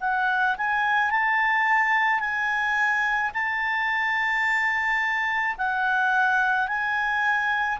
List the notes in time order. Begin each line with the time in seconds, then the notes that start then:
0.00 F#5
0.57 G#5
1.11 A5
2.20 G#5
3.33 A5
5.58 F#5
6.67 G#5